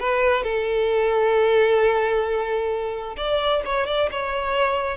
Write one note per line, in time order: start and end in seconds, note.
0.00 0.44 B4
0.44 3.16 A4
3.17 3.62 D5
3.65 3.87 C#5
3.87 4.10 D5
4.11 4.97 C#5